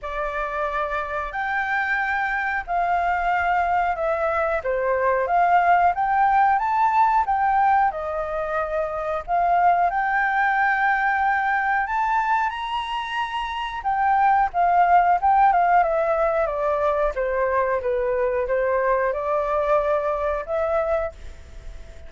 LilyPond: \new Staff \with { instrumentName = "flute" } { \time 4/4 \tempo 4 = 91 d''2 g''2 | f''2 e''4 c''4 | f''4 g''4 a''4 g''4 | dis''2 f''4 g''4~ |
g''2 a''4 ais''4~ | ais''4 g''4 f''4 g''8 f''8 | e''4 d''4 c''4 b'4 | c''4 d''2 e''4 | }